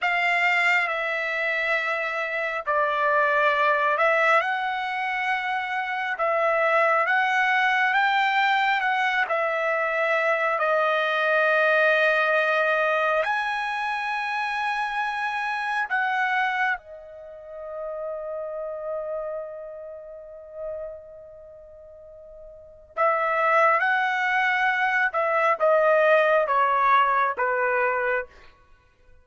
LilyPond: \new Staff \with { instrumentName = "trumpet" } { \time 4/4 \tempo 4 = 68 f''4 e''2 d''4~ | d''8 e''8 fis''2 e''4 | fis''4 g''4 fis''8 e''4. | dis''2. gis''4~ |
gis''2 fis''4 dis''4~ | dis''1~ | dis''2 e''4 fis''4~ | fis''8 e''8 dis''4 cis''4 b'4 | }